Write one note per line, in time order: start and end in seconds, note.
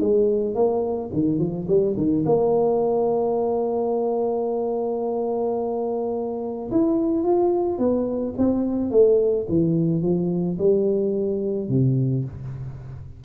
0.00 0.55 G#3
0.55 1.10 A#3
1.13 1.39 D#3
1.39 1.67 F3
1.68 1.95 G3
1.96 2.24 D#3
2.25 6.70 A#3
6.71 7.23 E4
7.23 7.78 F4
7.78 8.34 B3
8.38 8.91 C4
8.91 9.46 A3
9.48 10.02 E3
10.02 10.57 F3
10.58 11.68 G3
11.68 12.24 C3